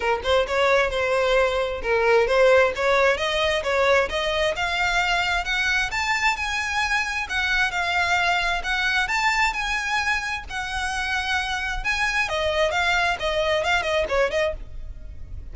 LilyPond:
\new Staff \with { instrumentName = "violin" } { \time 4/4 \tempo 4 = 132 ais'8 c''8 cis''4 c''2 | ais'4 c''4 cis''4 dis''4 | cis''4 dis''4 f''2 | fis''4 a''4 gis''2 |
fis''4 f''2 fis''4 | a''4 gis''2 fis''4~ | fis''2 gis''4 dis''4 | f''4 dis''4 f''8 dis''8 cis''8 dis''8 | }